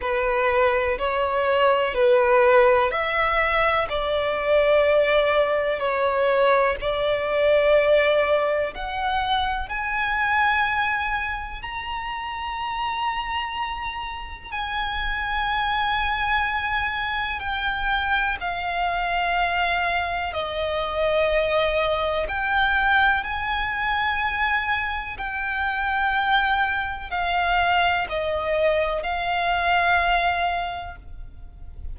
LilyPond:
\new Staff \with { instrumentName = "violin" } { \time 4/4 \tempo 4 = 62 b'4 cis''4 b'4 e''4 | d''2 cis''4 d''4~ | d''4 fis''4 gis''2 | ais''2. gis''4~ |
gis''2 g''4 f''4~ | f''4 dis''2 g''4 | gis''2 g''2 | f''4 dis''4 f''2 | }